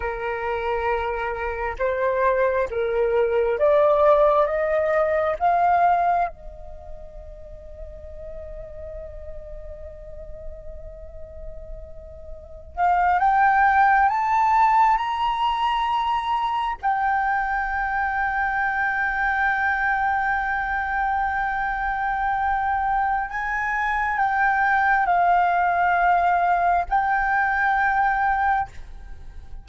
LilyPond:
\new Staff \with { instrumentName = "flute" } { \time 4/4 \tempo 4 = 67 ais'2 c''4 ais'4 | d''4 dis''4 f''4 dis''4~ | dis''1~ | dis''2~ dis''16 f''8 g''4 a''16~ |
a''8. ais''2 g''4~ g''16~ | g''1~ | g''2 gis''4 g''4 | f''2 g''2 | }